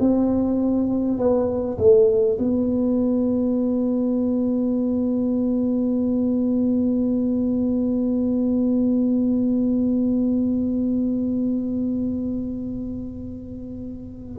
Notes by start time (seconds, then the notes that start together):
0.00 C4
1.18 B3
1.79 A3
2.39 B3